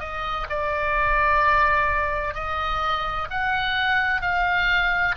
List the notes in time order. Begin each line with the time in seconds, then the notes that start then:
0.00 D#5
0.50 D5
2.34 D#5
3.31 F#5
4.22 F5